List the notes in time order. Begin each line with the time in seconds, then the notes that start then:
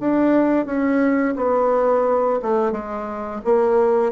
0.00 D4
0.66 C#4
1.36 B3
2.42 A3
2.72 G#3
3.45 A#3